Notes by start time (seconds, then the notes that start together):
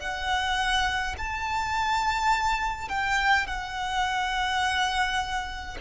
0.00 F#5
1.18 A5
2.89 G5
3.47 F#5